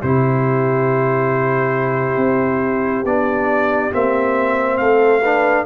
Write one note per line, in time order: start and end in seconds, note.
0.00 2.17 C3
0.00 3.06 E4
0.00 4.78 G4
0.00 3.06 C5
2.17 3.04 C4
3.05 3.92 B3
3.05 3.92 D4
3.05 3.93 D5
3.92 4.80 A#3
3.92 5.23 C4
3.92 4.78 E5
4.78 5.66 A3
4.78 5.22 A4
4.78 5.65 F5
5.22 5.66 D4
5.22 5.65 B4